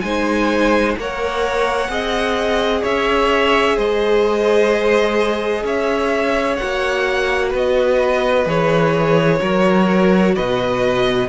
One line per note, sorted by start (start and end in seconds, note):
0.00 0.96 G#3
0.00 0.97 D#4
0.00 0.98 C5
0.00 0.94 G#5
0.97 1.89 A#3
0.97 1.88 A#4
0.97 1.90 C#5
0.97 2.84 F#5
1.88 2.82 C4
1.88 6.57 G#4
1.88 2.82 D#5
2.82 3.77 C#4
2.82 3.76 C#5
2.82 3.78 E5
3.76 5.63 G#3
3.76 5.63 C5
3.76 5.66 D#5
5.63 6.57 C#4
5.63 7.48 C#5
5.63 6.56 E5
6.56 8.46 F#4
6.56 7.50 F#5
6.62 7.54 A#3
7.48 8.46 B3
7.48 9.36 B4
7.56 8.48 D#5
8.46 9.39 E3
8.46 9.39 G#4
8.46 10.35 C#5
9.40 10.36 F#3
9.40 11.28 F#4
9.40 10.34 A#4
10.35 11.28 B2
10.35 11.28 B4
10.35 11.28 D#5